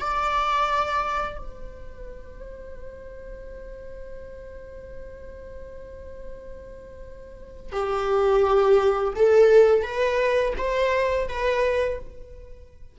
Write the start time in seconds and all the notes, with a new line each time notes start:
0.00 D5
1.38 C5
7.72 G4
9.15 A4
9.83 B4
10.58 C5
11.28 B4